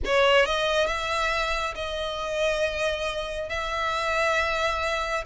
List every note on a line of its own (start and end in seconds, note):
0.05 0.45 C#5
0.45 0.86 D#5
0.86 1.74 E5
1.75 3.49 D#5
3.49 5.24 E5